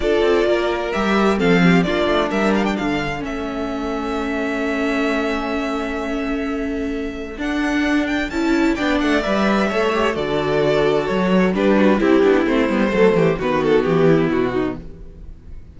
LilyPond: <<
  \new Staff \with { instrumentName = "violin" } { \time 4/4 \tempo 4 = 130 d''2 e''4 f''4 | d''4 e''8 f''16 g''16 f''4 e''4~ | e''1~ | e''1 |
fis''4. g''8 a''4 g''8 fis''8 | e''2 d''2 | cis''4 b'4 g'4 c''4~ | c''4 b'8 a'8 g'4 fis'4 | }
  \new Staff \with { instrumentName = "violin" } { \time 4/4 a'4 ais'2 a'8 g'8 | f'4 ais'4 a'2~ | a'1~ | a'1~ |
a'2. d''4~ | d''4 cis''4 a'2~ | a'4 g'8 fis'8 e'2 | a'8 g'8 fis'4. e'4 dis'8 | }
  \new Staff \with { instrumentName = "viola" } { \time 4/4 f'2 g'4 c'4 | d'2. cis'4~ | cis'1~ | cis'1 |
d'2 e'4 d'4 | b'4 a'8 g'8 fis'2~ | fis'4 d'4 e'8 d'8 c'8 b8 | a4 b2. | }
  \new Staff \with { instrumentName = "cello" } { \time 4/4 d'8 c'8 ais4 g4 f4 | ais8 a8 g4 d4 a4~ | a1~ | a1 |
d'2 cis'4 b8 a8 | g4 a4 d2 | fis4 g4 c'8 b8 a8 g8 | fis8 e8 dis4 e4 b,4 | }
>>